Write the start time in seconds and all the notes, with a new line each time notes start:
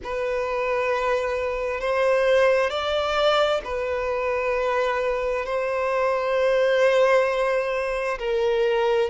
0.03 B4
1.80 C5
2.70 D5
3.64 B4
5.45 C5
8.19 A#4